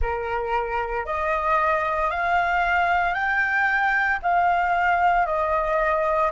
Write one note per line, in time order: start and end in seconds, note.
0.01 1.05 A#4
1.05 2.10 D#5
2.10 3.13 F5
3.13 4.19 G5
4.22 5.25 F5
5.25 6.31 D#5